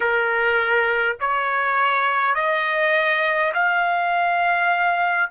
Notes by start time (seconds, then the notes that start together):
0.00 A#4
1.20 C#5
2.34 D#5
3.53 F5